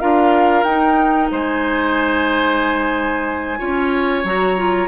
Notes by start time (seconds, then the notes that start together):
0.00 D4 F4 A#4 F5
0.64 D#4 G5
1.31 G#3 C5 G#5
3.59 C#4 F4 C#5
4.24 F#3 F#4 A#5
4.57 F4